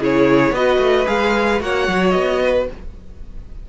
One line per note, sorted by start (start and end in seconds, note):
0.00 0.51 C#3
0.00 0.55 E4
0.00 0.54 G#4
0.00 0.55 C#5
0.51 0.78 B3
0.51 1.07 F#4
0.51 1.63 B4
0.51 1.08 D#5
0.79 1.06 A3
1.07 1.61 G#3
1.07 1.60 G#4
1.07 1.62 F5
1.61 1.88 A#3
1.61 2.68 F#4
1.61 2.43 C#5
1.61 2.11 F#5
1.88 2.15 F#3
2.11 2.68 B3
2.11 2.64 D#5
2.43 2.70 B4